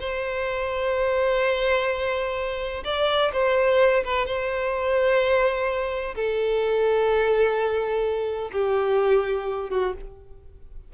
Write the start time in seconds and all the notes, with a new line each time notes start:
0.00 C5
2.85 D5
3.33 C5
4.04 B4
4.26 C5
6.15 A4
8.52 G4
9.70 F#4